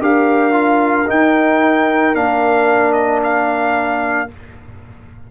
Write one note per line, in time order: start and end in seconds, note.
0.00 1.07 D4
0.00 0.52 G4
0.00 4.29 A#4
0.00 1.10 F5
0.52 1.06 F4
1.08 2.15 D#4
1.08 2.16 G5
2.15 4.30 A#3
2.15 4.29 D4
2.15 2.93 F5
2.93 3.20 D#5
3.24 4.31 F5